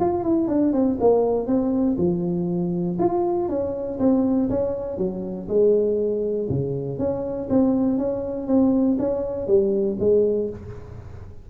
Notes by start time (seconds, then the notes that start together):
0.00 F4
0.24 E4
0.48 D4
0.73 C4
1.01 A#3
1.47 C4
1.98 F3
2.99 F4
3.49 C#4
3.99 C4
4.50 C#4
4.98 F#3
5.49 G#3
6.49 C#3
6.99 C#4
7.50 C4
7.98 C#4
8.47 C4
8.99 C#4
9.47 G3
10.00 G#3